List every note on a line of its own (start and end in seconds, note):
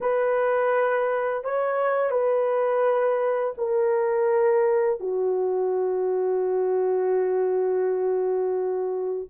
0.01 1.44 B4
1.44 2.11 C#5
2.11 3.54 B4
3.57 4.99 A#4
4.99 9.28 F#4